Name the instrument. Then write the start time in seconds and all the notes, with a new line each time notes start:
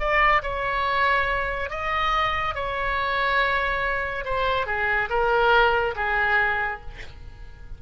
oboe
0.00 D5
0.43 C#5
1.70 D#5
2.55 C#5
4.25 C5
4.67 G#4
5.10 A#4
5.96 G#4